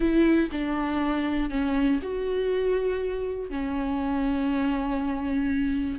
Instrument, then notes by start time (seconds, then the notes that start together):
viola
0.00 E4
0.51 D4
1.50 C#4
2.02 F#4
3.50 C#4